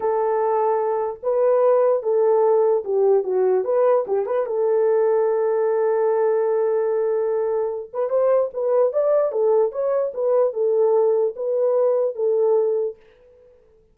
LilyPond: \new Staff \with { instrumentName = "horn" } { \time 4/4 \tempo 4 = 148 a'2. b'4~ | b'4 a'2 g'4 | fis'4 b'4 g'8 b'8 a'4~ | a'1~ |
a'2.~ a'8 b'8 | c''4 b'4 d''4 a'4 | cis''4 b'4 a'2 | b'2 a'2 | }